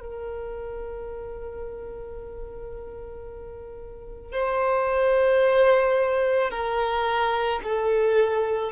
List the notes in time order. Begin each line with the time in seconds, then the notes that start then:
0.00 A#4
4.32 C5
6.51 A#4
7.64 A4